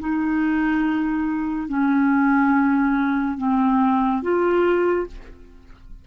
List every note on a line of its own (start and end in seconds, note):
0.00 1.69 D#4
1.69 3.38 C#4
3.38 4.23 C4
4.23 5.07 F4